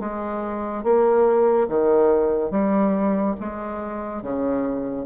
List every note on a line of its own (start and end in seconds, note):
0.00 0.84 G#3
0.84 1.68 A#3
1.68 2.51 D#3
2.51 3.35 G3
3.40 4.23 G#3
4.23 5.06 C#3